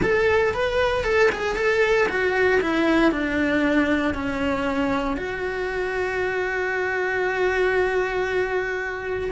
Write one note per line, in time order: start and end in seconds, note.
0.02 0.54 A4
0.54 1.03 B4
1.03 1.29 A4
1.31 1.56 G#4
1.56 2.07 A4
2.08 2.60 F#4
2.60 3.11 E4
3.11 4.14 D4
4.14 5.17 C#4
5.17 9.30 F#4